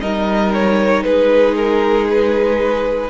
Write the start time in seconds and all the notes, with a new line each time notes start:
0.00 G3 D#4 A#4 D#5
0.53 C#5
1.03 G#3 G#4 B4
1.56 A#4
2.09 B4